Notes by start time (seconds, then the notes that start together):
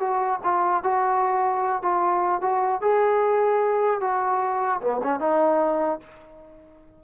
0.00 F#4
0.44 F4
0.83 F#4
1.82 F4
2.41 F#4
2.81 G#4
4.01 F#4
4.81 B3
5.03 C#4
5.20 D#4